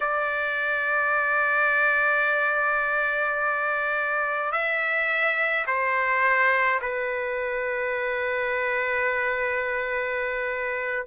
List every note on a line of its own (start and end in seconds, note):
0.00 4.52 D5
4.52 5.65 E5
5.67 6.80 C5
6.81 11.06 B4